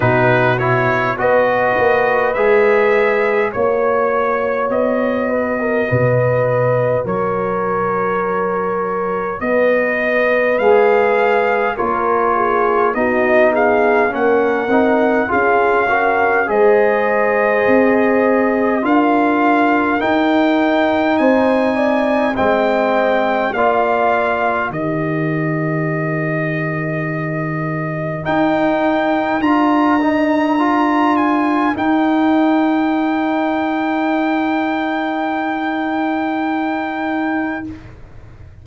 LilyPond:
<<
  \new Staff \with { instrumentName = "trumpet" } { \time 4/4 \tempo 4 = 51 b'8 cis''8 dis''4 e''4 cis''4 | dis''2 cis''2 | dis''4 f''4 cis''4 dis''8 f''8 | fis''4 f''4 dis''2 |
f''4 g''4 gis''4 g''4 | f''4 dis''2. | g''4 ais''4. gis''8 g''4~ | g''1 | }
  \new Staff \with { instrumentName = "horn" } { \time 4/4 fis'4 b'2 cis''4~ | cis''8 b'16 ais'16 b'4 ais'2 | b'2 ais'8 gis'8 fis'8 gis'8 | ais'4 gis'8 ais'8 c''2 |
ais'2 c''8 d''8 dis''4 | d''4 ais'2.~ | ais'1~ | ais'1 | }
  \new Staff \with { instrumentName = "trombone" } { \time 4/4 dis'8 e'8 fis'4 gis'4 fis'4~ | fis'1~ | fis'4 gis'4 f'4 dis'4 | cis'8 dis'8 f'8 fis'8 gis'2 |
f'4 dis'2 c'4 | f'4 g'2. | dis'4 f'8 dis'8 f'4 dis'4~ | dis'1 | }
  \new Staff \with { instrumentName = "tuba" } { \time 4/4 b,4 b8 ais8 gis4 ais4 | b4 b,4 fis2 | b4 gis4 ais4 b4 | ais8 c'8 cis'4 gis4 c'4 |
d'4 dis'4 c'4 gis4 | ais4 dis2. | dis'4 d'2 dis'4~ | dis'1 | }
>>